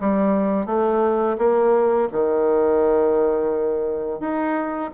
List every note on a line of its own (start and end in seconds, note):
0.00 0.66 G3
0.66 1.36 A3
1.38 2.08 A#3
2.11 4.20 D#3
4.20 4.91 D#4